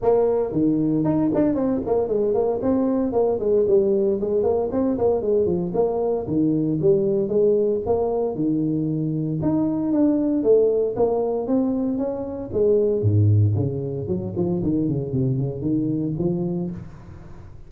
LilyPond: \new Staff \with { instrumentName = "tuba" } { \time 4/4 \tempo 4 = 115 ais4 dis4 dis'8 d'8 c'8 ais8 | gis8 ais8 c'4 ais8 gis8 g4 | gis8 ais8 c'8 ais8 gis8 f8 ais4 | dis4 g4 gis4 ais4 |
dis2 dis'4 d'4 | a4 ais4 c'4 cis'4 | gis4 gis,4 cis4 fis8 f8 | dis8 cis8 c8 cis8 dis4 f4 | }